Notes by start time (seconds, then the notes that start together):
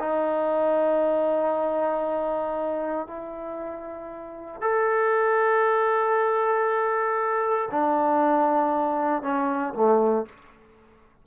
0.00 D#4
3.08 E4
4.62 A4
7.71 D4
9.23 C#4
9.74 A3